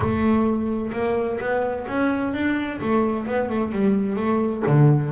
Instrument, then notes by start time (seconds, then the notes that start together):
double bass
0.00 A3
0.92 A#3
1.40 B3
1.87 C#4
2.33 D4
2.81 A3
3.26 B3
3.49 A3
3.72 G3
4.16 A3
4.66 D3